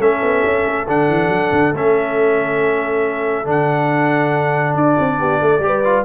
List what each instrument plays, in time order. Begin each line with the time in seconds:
0.00 tuba A3, trombone C#4, horn A4, trumpet E5
0.23 tuba B3
0.45 tuba C#4
0.67 tuba A3
0.88 tuba D3, trombone D4, trumpet F#5
1.09 tuba E3
1.29 tuba F#3
1.52 tuba D3
1.73 tuba A3, trombone C#4, trumpet E5
3.45 tuba D3, trombone D4, trumpet F#5
4.75 tuba D4, trumpet D5
5.00 tuba C4
5.20 tuba B3, horn G4
5.42 tuba A3, horn A4
5.60 tuba G3, trombone G4
5.66 horn B4
5.85 trombone F4